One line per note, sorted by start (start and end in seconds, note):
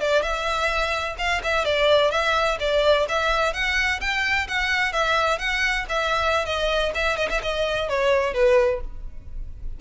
0.00 0.22 D5
0.22 1.16 E5
1.18 1.41 F5
1.43 1.65 E5
1.65 2.11 D5
2.11 2.58 E5
2.60 3.06 D5
3.09 3.53 E5
3.53 4.00 F#5
4.01 4.47 G5
4.48 4.92 F#5
4.92 5.38 E5
5.38 5.85 F#5
5.89 6.45 E5
6.45 6.92 D#5
6.94 7.17 E5
7.17 7.29 D#5
7.29 7.41 E5
7.42 7.89 D#5
7.89 8.34 C#5
8.34 8.80 B4